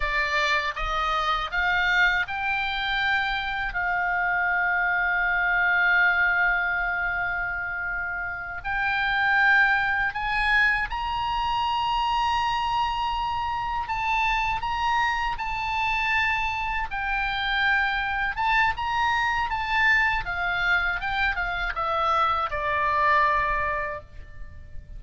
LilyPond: \new Staff \with { instrumentName = "oboe" } { \time 4/4 \tempo 4 = 80 d''4 dis''4 f''4 g''4~ | g''4 f''2.~ | f''2.~ f''8 g''8~ | g''4. gis''4 ais''4.~ |
ais''2~ ais''8 a''4 ais''8~ | ais''8 a''2 g''4.~ | g''8 a''8 ais''4 a''4 f''4 | g''8 f''8 e''4 d''2 | }